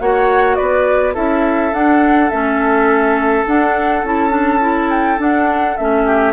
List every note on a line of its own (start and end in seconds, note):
0.00 0.58 A#3
0.00 1.14 F#4
0.00 0.57 C#5
0.00 0.56 F#5
0.56 1.16 B3
0.56 1.14 B4
0.56 1.13 D5
1.14 1.73 C#4
1.14 1.72 E4
1.14 6.04 A4
1.14 1.74 E5
1.73 2.31 D4
1.73 2.30 F#5
2.30 3.46 A3
2.30 3.46 C#4
2.30 3.45 E5
3.46 4.03 D4
3.46 4.04 D4
3.46 4.05 F#5
4.03 5.19 C#4
4.03 4.30 E4
4.03 4.91 A5
4.30 4.59 D4
4.60 5.18 E4
4.91 5.19 G5
5.18 5.76 D4
5.18 5.77 D4
5.18 5.77 F#5
5.77 6.33 A3
5.77 6.33 C#4
5.77 6.33 E5
6.05 6.33 G4